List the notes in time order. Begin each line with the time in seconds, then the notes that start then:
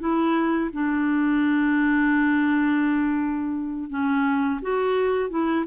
0.00 E4
0.73 D4
3.90 C#4
4.62 F#4
5.30 E4